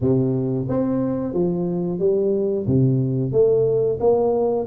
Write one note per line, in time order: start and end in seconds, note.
0.00 0.67 C3
0.68 1.33 C4
1.33 1.99 F3
1.99 2.65 G3
2.66 3.32 C3
3.32 3.98 A3
4.00 4.66 A#3